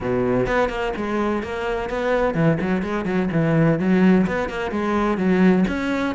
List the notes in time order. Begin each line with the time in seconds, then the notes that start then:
0.00 B2
0.47 B3
0.69 A#3
0.96 G#3
1.42 A#3
1.89 B3
2.34 E3
2.60 F#3
2.82 G#3
3.05 F#3
3.32 E3
3.79 F#3
4.26 B3
4.49 A#3
4.71 G#3
5.17 F#3
5.67 C#4